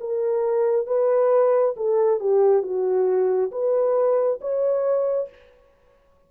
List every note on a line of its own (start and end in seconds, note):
0.00 0.86 A#4
0.86 1.74 B4
1.76 2.19 A4
2.19 2.62 G4
2.62 3.51 F#4
3.51 4.40 B4
4.40 5.29 C#5